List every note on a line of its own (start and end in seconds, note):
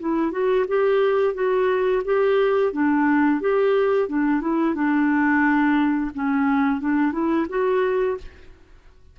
0.00 0.31 E4
0.31 0.65 F#4
0.68 1.34 G4
1.34 2.02 F#4
2.05 2.73 G4
2.73 3.41 D4
3.41 4.08 G4
4.08 4.41 D4
4.41 4.75 E4
4.75 6.11 D4
6.14 6.81 C#4
6.81 7.12 D4
7.12 7.47 E4
7.49 8.17 F#4